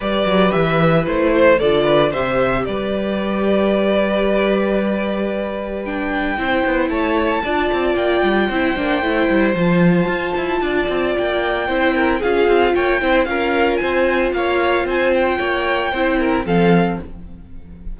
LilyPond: <<
  \new Staff \with { instrumentName = "violin" } { \time 4/4 \tempo 4 = 113 d''4 e''4 c''4 d''4 | e''4 d''2.~ | d''2. g''4~ | g''4 a''2 g''4~ |
g''2 a''2~ | a''4 g''2 f''4 | g''4 f''4 gis''4 f''4 | gis''8 g''2~ g''8 f''4 | }
  \new Staff \with { instrumentName = "violin" } { \time 4/4 b'2~ b'8 c''8 a'8 b'8 | c''4 b'2.~ | b'1 | c''4 cis''4 d''2 |
c''1 | d''2 c''8 ais'8 gis'4 | cis''8 c''8 ais'4 c''4 cis''4 | c''4 cis''4 c''8 ais'8 a'4 | }
  \new Staff \with { instrumentName = "viola" } { \time 4/4 g'2 e'4 f'4 | g'1~ | g'2. d'4 | e'2 f'2 |
e'8 d'8 e'4 f'2~ | f'2 e'4 f'4~ | f'8 e'8 f'2.~ | f'2 e'4 c'4 | }
  \new Staff \with { instrumentName = "cello" } { \time 4/4 g8 fis8 e4 a4 d4 | c4 g2.~ | g1 | c'8 b8 a4 d'8 c'8 ais8 g8 |
c'8 ais8 a8 g8 f4 f'8 e'8 | d'8 c'8 ais4 c'4 cis'8 c'8 | ais8 c'8 cis'4 c'4 ais4 | c'4 ais4 c'4 f4 | }
>>